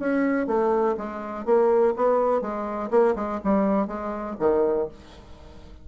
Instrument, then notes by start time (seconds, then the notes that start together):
bassoon
0.00 C#4
0.47 A3
0.98 G#3
1.46 A#3
1.97 B3
2.42 G#3
2.91 A#3
3.16 G#3
3.45 G3
3.88 G#3
4.40 D#3